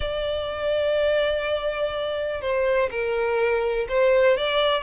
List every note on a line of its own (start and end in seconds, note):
0.00 2.41 D5
2.41 2.89 C5
2.90 3.87 A#4
3.88 4.37 C5
4.37 4.83 D5